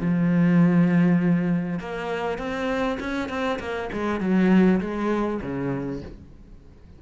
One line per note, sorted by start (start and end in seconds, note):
0.00 1.80 F3
1.80 2.38 A#3
2.38 2.98 C4
3.00 3.29 C#4
3.29 3.59 C4
3.60 3.90 A#3
3.93 4.21 G#3
4.21 4.81 F#3
4.81 5.41 G#3
5.42 6.02 C#3